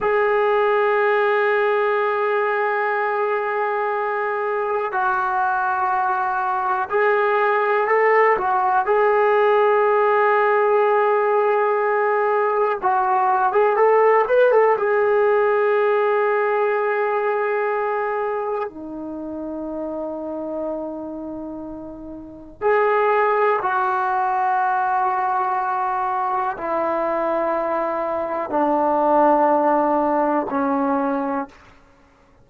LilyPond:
\new Staff \with { instrumentName = "trombone" } { \time 4/4 \tempo 4 = 61 gis'1~ | gis'4 fis'2 gis'4 | a'8 fis'8 gis'2.~ | gis'4 fis'8. gis'16 a'8 b'16 a'16 gis'4~ |
gis'2. dis'4~ | dis'2. gis'4 | fis'2. e'4~ | e'4 d'2 cis'4 | }